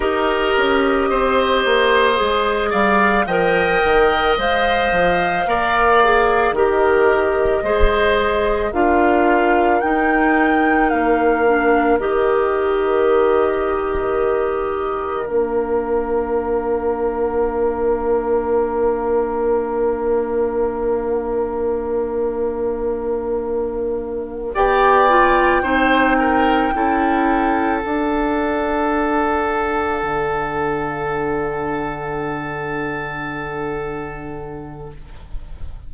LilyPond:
<<
  \new Staff \with { instrumentName = "flute" } { \time 4/4 \tempo 4 = 55 dis''2~ dis''8 f''8 g''4 | f''2 dis''2 | f''4 g''4 f''4 dis''4~ | dis''2 f''2~ |
f''1~ | f''2~ f''8 g''4.~ | g''4. fis''2~ fis''8~ | fis''1 | }
  \new Staff \with { instrumentName = "oboe" } { \time 4/4 ais'4 c''4. d''8 dis''4~ | dis''4 d''4 ais'4 c''4 | ais'1~ | ais'1~ |
ais'1~ | ais'2~ ais'8 d''4 c''8 | ais'8 a'2.~ a'8~ | a'1 | }
  \new Staff \with { instrumentName = "clarinet" } { \time 4/4 g'2 gis'4 ais'4 | c''4 ais'8 gis'8 g'4 gis'4 | f'4 dis'4. d'8 g'4~ | g'2 d'2~ |
d'1~ | d'2~ d'8 g'8 f'8 dis'8~ | dis'8 e'4 d'2~ d'8~ | d'1 | }
  \new Staff \with { instrumentName = "bassoon" } { \time 4/4 dis'8 cis'8 c'8 ais8 gis8 g8 f8 dis8 | gis8 f8 ais4 dis4 gis4 | d'4 dis'4 ais4 dis4~ | dis2 ais2~ |
ais1~ | ais2~ ais8 b4 c'8~ | c'8 cis'4 d'2 d8~ | d1 | }
>>